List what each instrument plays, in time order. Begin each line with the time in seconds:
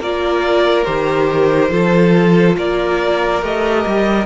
0.00 cello A#3, viola F4, violin A#4 D5
0.85 cello D#3, viola G4, violin C5
1.71 cello F3, viola F4, violin A4
2.57 cello A#3, violin A#4 D5
3.42 cello A3, viola G4, violin D#5
3.86 cello G3